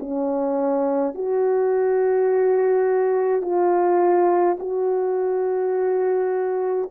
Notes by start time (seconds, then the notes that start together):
0.00 C#4
1.14 F#4
3.42 F4
4.59 F#4